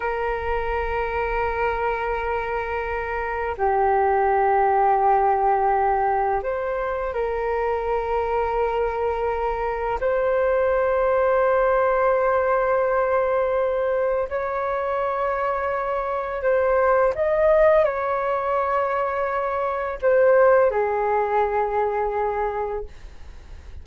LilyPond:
\new Staff \with { instrumentName = "flute" } { \time 4/4 \tempo 4 = 84 ais'1~ | ais'4 g'2.~ | g'4 c''4 ais'2~ | ais'2 c''2~ |
c''1 | cis''2. c''4 | dis''4 cis''2. | c''4 gis'2. | }